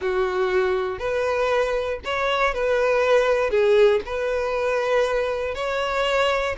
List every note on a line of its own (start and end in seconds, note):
0.01 0.98 F#4
0.98 1.99 B4
2.04 2.53 C#5
2.53 3.50 B4
3.50 4.00 G#4
4.05 5.54 B4
5.54 6.55 C#5